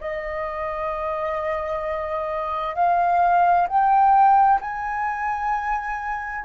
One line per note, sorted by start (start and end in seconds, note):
0.00 2.75 D#5
2.75 3.67 F5
3.68 4.60 G5
4.60 6.44 G#5